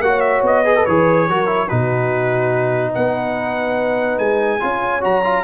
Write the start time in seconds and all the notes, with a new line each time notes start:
0.00 A#3 F#4 F#5
0.07 C#5
0.21 E5
0.43 B3 D#5
0.65 G#4 B4
0.76 A4
0.86 E3 G#4 C#5
1.29 F#3 F#4 A#4
1.46 E4
1.67 B2 D#4 F#4 B4
2.95 B3 B4 F#5
4.19 G#3 G#5
4.61 C#4 F4 C#5
5.01 F#3 F#4 A#5
5.24 F4